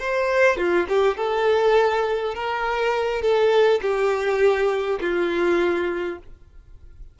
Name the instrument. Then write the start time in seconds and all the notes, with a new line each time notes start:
violin
0.00 C5
0.57 F4
0.89 G4
1.17 A4
2.35 A#4
3.22 A4
3.82 G4
5.01 F4